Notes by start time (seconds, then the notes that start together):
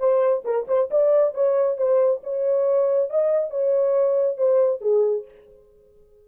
0.00 C5
0.45 A#4
0.68 C5
0.91 D5
1.35 C#5
1.78 C5
2.24 C#5
3.10 D#5
3.51 C#5
4.38 C5
4.82 G#4